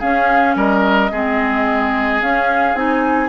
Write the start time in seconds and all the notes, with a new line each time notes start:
0.00 C#4 G#4 F5
0.56 G3 A#4 D#5
1.12 G#3 C4 G#4
2.21 C#4 F5
2.74 C4 D#4 G#5